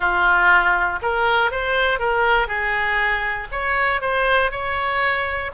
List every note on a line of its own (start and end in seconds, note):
0.00 0.99 F4
1.02 1.51 A#4
1.51 1.99 C5
1.99 2.47 A#4
2.47 3.47 G#4
3.51 4.01 C#5
4.01 4.51 C5
4.51 5.51 C#5